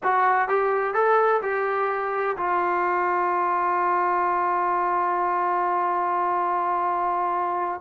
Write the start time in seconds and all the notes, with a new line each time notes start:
0.03 F#4
0.48 G4
0.94 A4
1.42 G4
2.37 F4